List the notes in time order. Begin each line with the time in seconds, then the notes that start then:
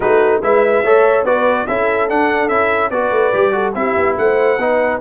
0.00 A3 D#4 F#4 B4
0.41 G#3 E4 B4 E5
0.84 A3 A4 C#5
1.23 B3 F#4 B4 D5
1.67 C#4 E4 A4 E5
2.08 D4 F#5
2.48 C#4 E4 E5
2.90 B3 F#4 B4 D5
3.11 A3
3.33 G3 G4
3.51 F#4 A4
3.74 C4 E4 G4 E5
3.96 B3
4.17 A3 C5 F#5
4.58 B3 D#4 B4